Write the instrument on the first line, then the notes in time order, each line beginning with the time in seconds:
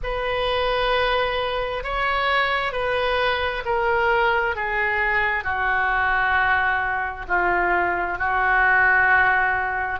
oboe
0.02 B4
1.83 C#5
2.72 B4
3.65 A#4
4.55 G#4
5.43 F#4
7.27 F4
8.18 F#4